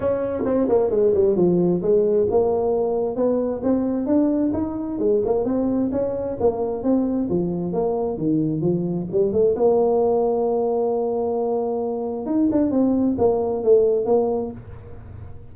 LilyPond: \new Staff \with { instrumentName = "tuba" } { \time 4/4 \tempo 4 = 132 cis'4 c'8 ais8 gis8 g8 f4 | gis4 ais2 b4 | c'4 d'4 dis'4 gis8 ais8 | c'4 cis'4 ais4 c'4 |
f4 ais4 dis4 f4 | g8 a8 ais2.~ | ais2. dis'8 d'8 | c'4 ais4 a4 ais4 | }